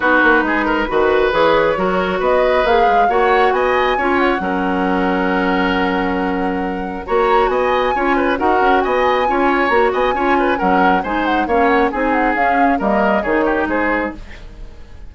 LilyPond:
<<
  \new Staff \with { instrumentName = "flute" } { \time 4/4 \tempo 4 = 136 b'2. cis''4~ | cis''4 dis''4 f''4 fis''4 | gis''4. fis''2~ fis''8~ | fis''1 |
ais''4 gis''2 fis''4 | gis''2 ais''8 gis''4. | fis''4 gis''8 fis''8 f''8 fis''8 gis''8 fis''8 | f''4 dis''4 cis''4 c''4 | }
  \new Staff \with { instrumentName = "oboe" } { \time 4/4 fis'4 gis'8 ais'8 b'2 | ais'4 b'2 cis''4 | dis''4 cis''4 ais'2~ | ais'1 |
cis''4 dis''4 cis''8 b'8 ais'4 | dis''4 cis''4. dis''8 cis''8 b'8 | ais'4 c''4 cis''4 gis'4~ | gis'4 ais'4 gis'8 g'8 gis'4 | }
  \new Staff \with { instrumentName = "clarinet" } { \time 4/4 dis'2 fis'4 gis'4 | fis'2 gis'4 fis'4~ | fis'4 f'4 cis'2~ | cis'1 |
fis'2 f'4 fis'4~ | fis'4 f'4 fis'4 f'4 | cis'4 dis'4 cis'4 dis'4 | cis'4 ais4 dis'2 | }
  \new Staff \with { instrumentName = "bassoon" } { \time 4/4 b8 ais8 gis4 dis4 e4 | fis4 b4 ais8 gis8 ais4 | b4 cis'4 fis2~ | fis1 |
ais4 b4 cis'4 dis'8 cis'8 | b4 cis'4 ais8 b8 cis'4 | fis4 gis4 ais4 c'4 | cis'4 g4 dis4 gis4 | }
>>